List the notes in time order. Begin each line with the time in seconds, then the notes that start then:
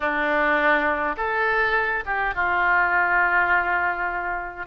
0.00 D4
1.17 A4
2.05 G4
2.34 F4